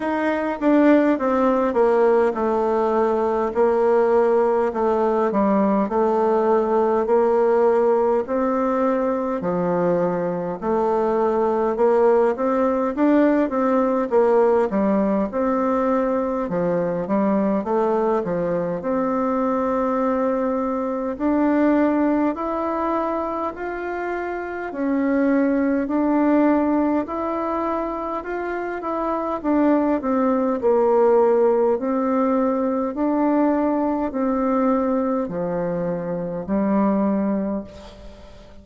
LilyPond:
\new Staff \with { instrumentName = "bassoon" } { \time 4/4 \tempo 4 = 51 dis'8 d'8 c'8 ais8 a4 ais4 | a8 g8 a4 ais4 c'4 | f4 a4 ais8 c'8 d'8 c'8 | ais8 g8 c'4 f8 g8 a8 f8 |
c'2 d'4 e'4 | f'4 cis'4 d'4 e'4 | f'8 e'8 d'8 c'8 ais4 c'4 | d'4 c'4 f4 g4 | }